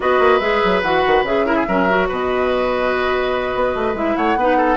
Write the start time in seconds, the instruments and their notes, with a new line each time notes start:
0.00 bassoon B3, clarinet F#4, oboe B4, flute D#5
0.19 bassoon A#3
0.39 bassoon G#3, clarinet G#4, flute E5
0.64 bassoon F#3
0.82 bassoon E3, clarinet F#4, flute F#5
1.06 bassoon D#3
1.22 bassoon C#3, clarinet G#4, flute E5
1.46 clarinet E4, oboe A#4
1.55 oboe G#4
1.67 bassoon F#3, clarinet C#4, oboe A#4
1.89 clarinet F#4
2.08 bassoon B2, oboe B4, flute D#5
3.54 bassoon B3
3.75 bassoon A3
3.93 bassoon G#3, clarinet E4, flute E5
4.16 bassoon A3, oboe C#5, flute F#5
4.35 bassoon B3, clarinet D#4, oboe B4
4.57 oboe A4